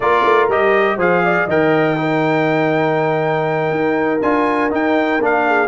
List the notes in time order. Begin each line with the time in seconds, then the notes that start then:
0.00 A#3 F4 A#4 D5
0.24 A3
0.48 G3 G4 D#5
0.96 F3 G#4 C5 F5
1.24 D5
1.47 D#3 A#4 D#5 G5
1.96 D#4 A#4
3.70 D#4
4.21 D4 F4 G#5
4.70 D#4 G5
5.19 A#3 D4 F5
5.46 G#4